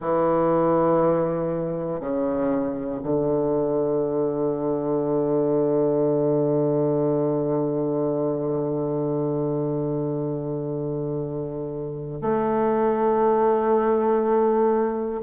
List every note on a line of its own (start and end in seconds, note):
0.00 2.00 E3
2.00 3.00 C#3
3.03 12.21 D3
12.21 15.21 A3